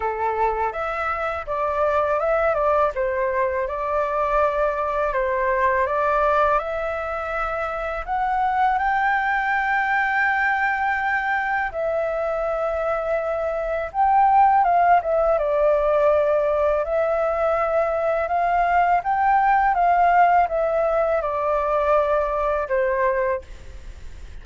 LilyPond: \new Staff \with { instrumentName = "flute" } { \time 4/4 \tempo 4 = 82 a'4 e''4 d''4 e''8 d''8 | c''4 d''2 c''4 | d''4 e''2 fis''4 | g''1 |
e''2. g''4 | f''8 e''8 d''2 e''4~ | e''4 f''4 g''4 f''4 | e''4 d''2 c''4 | }